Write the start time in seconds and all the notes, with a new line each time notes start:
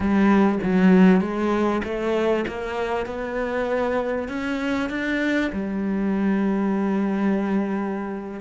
0.00 G3
0.63 F#3
1.21 G#3
1.84 A3
2.47 A#3
3.06 B3
4.28 C#4
4.89 D4
5.52 G3